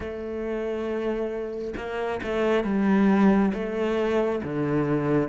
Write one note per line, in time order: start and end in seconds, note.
0.00 1.74 A3
1.76 2.21 A#3
2.23 2.64 A3
2.64 3.52 G3
3.53 4.42 A3
4.43 5.28 D3